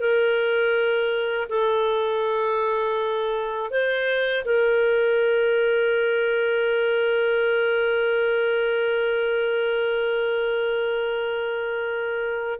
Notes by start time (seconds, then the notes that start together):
0.00 A#4
1.49 A4
3.71 C5
4.45 A#4